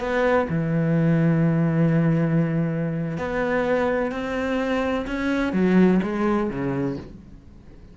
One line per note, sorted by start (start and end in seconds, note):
0.00 0.47 B3
0.49 3.17 E3
3.17 4.11 B3
4.11 5.06 C4
5.07 5.53 C#4
5.53 6.00 F#3
6.03 6.50 G#3
6.50 6.97 C#3